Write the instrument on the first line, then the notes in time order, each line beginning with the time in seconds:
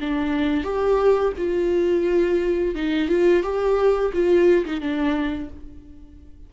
viola
0.00 D4
0.64 G4
1.37 F4
2.75 D#4
3.08 F4
3.43 G4
4.13 F4
4.65 D#4
4.81 D4